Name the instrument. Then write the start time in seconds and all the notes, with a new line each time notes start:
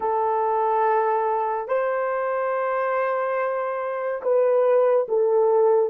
horn
0.00 A4
1.68 C5
4.22 B4
5.08 A4